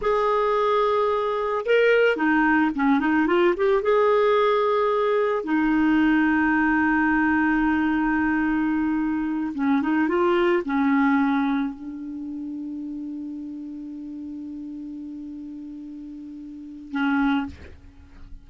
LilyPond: \new Staff \with { instrumentName = "clarinet" } { \time 4/4 \tempo 4 = 110 gis'2. ais'4 | dis'4 cis'8 dis'8 f'8 g'8 gis'4~ | gis'2 dis'2~ | dis'1~ |
dis'4. cis'8 dis'8 f'4 cis'8~ | cis'4. d'2~ d'8~ | d'1~ | d'2. cis'4 | }